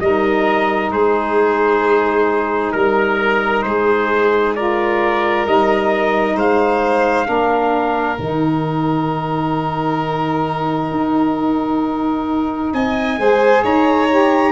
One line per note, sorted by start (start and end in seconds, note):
0.00 0.91 G3
0.00 4.56 D#4
0.00 0.93 A#4
0.00 0.91 D#5
0.91 2.73 G#3
0.91 2.74 G#4
0.91 2.72 C5
2.72 3.64 G3
2.72 3.62 A#4
2.72 3.65 A#4
3.62 5.46 G#3
3.62 4.56 G#4
3.62 4.53 C5
4.55 5.46 F4
4.55 6.36 A#4
4.55 5.46 D5
5.46 6.36 G3
5.46 7.25 D#4
5.46 6.38 D#5
6.36 7.27 G#3
6.36 7.27 C5
6.36 8.20 F5
7.25 8.19 A#3
7.25 8.16 D4
7.25 12.74 A#4
8.19 10.92 D#3
8.19 13.18 D#4
8.19 12.73 G5
10.92 12.73 D#4
12.73 13.18 C4
12.73 13.19 D#5
12.73 13.64 G#5
13.18 13.64 G#3
13.18 14.09 G#4
13.18 13.64 C5
13.64 14.52 D#4
13.64 14.52 C#5
13.64 14.52 A#5
14.10 14.52 G4